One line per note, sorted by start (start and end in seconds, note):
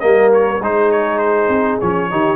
0.00 0.60 G3
0.00 0.61 A#3
0.00 0.61 A#4
0.00 0.30 D#5
0.33 0.63 C#5
0.60 1.48 G#3
0.60 1.82 D#4
0.60 2.09 G#4
0.60 0.91 C5
0.91 1.19 C#5
1.19 1.78 C5
1.48 1.78 C4
1.81 2.11 F3
1.81 2.11 C#4
1.81 2.36 C#5
2.11 2.36 D#3
2.11 2.36 D#4
2.11 2.36 G4